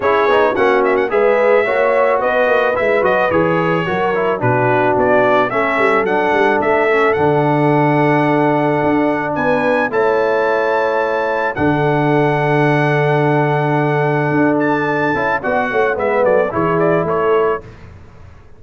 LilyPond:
<<
  \new Staff \with { instrumentName = "trumpet" } { \time 4/4 \tempo 4 = 109 cis''4 fis''8 e''16 fis''16 e''2 | dis''4 e''8 dis''8 cis''2 | b'4 d''4 e''4 fis''4 | e''4 fis''2.~ |
fis''4 gis''4 a''2~ | a''4 fis''2.~ | fis''2~ fis''8 a''4. | fis''4 e''8 d''8 cis''8 d''8 cis''4 | }
  \new Staff \with { instrumentName = "horn" } { \time 4/4 gis'4 fis'4 b'4 cis''4 | b'2. ais'4 | fis'2 a'2~ | a'1~ |
a'4 b'4 cis''2~ | cis''4 a'2.~ | a'1 | d''8 cis''8 b'8 a'8 gis'4 a'4 | }
  \new Staff \with { instrumentName = "trombone" } { \time 4/4 e'8 dis'8 cis'4 gis'4 fis'4~ | fis'4 e'8 fis'8 gis'4 fis'8 e'8 | d'2 cis'4 d'4~ | d'8 cis'8 d'2.~ |
d'2 e'2~ | e'4 d'2.~ | d'2.~ d'8 e'8 | fis'4 b4 e'2 | }
  \new Staff \with { instrumentName = "tuba" } { \time 4/4 cis'8 b8 ais4 gis4 ais4 | b8 ais8 gis8 fis8 e4 fis4 | b,4 b4 a8 g8 fis8 g8 | a4 d2. |
d'4 b4 a2~ | a4 d2.~ | d2 d'4. cis'8 | b8 a8 gis8 fis8 e4 a4 | }
>>